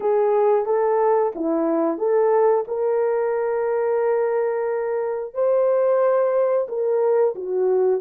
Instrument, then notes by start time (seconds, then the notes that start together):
horn
0.00 G#4
0.65 A4
1.35 E4
1.98 A4
2.67 A#4
5.33 C5
6.68 A#4
7.35 F#4